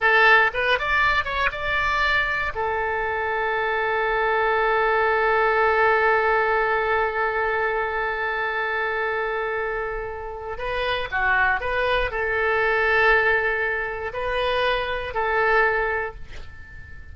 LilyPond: \new Staff \with { instrumentName = "oboe" } { \time 4/4 \tempo 4 = 119 a'4 b'8 d''4 cis''8 d''4~ | d''4 a'2.~ | a'1~ | a'1~ |
a'1~ | a'4 b'4 fis'4 b'4 | a'1 | b'2 a'2 | }